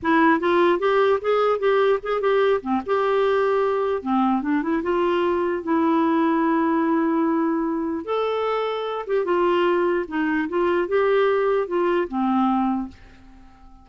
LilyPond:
\new Staff \with { instrumentName = "clarinet" } { \time 4/4 \tempo 4 = 149 e'4 f'4 g'4 gis'4 | g'4 gis'8 g'4 c'8 g'4~ | g'2 c'4 d'8 e'8 | f'2 e'2~ |
e'1 | a'2~ a'8 g'8 f'4~ | f'4 dis'4 f'4 g'4~ | g'4 f'4 c'2 | }